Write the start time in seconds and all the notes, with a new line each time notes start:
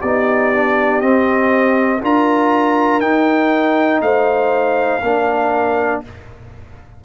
0.00 B3 D#4 G4 D5
0.54 D4
1.01 C4 D#5
2.03 D4 F4 A#4 A#5
3.00 D#4 G5
4.01 A3 C5 F5
5.02 A#3 D4 A#4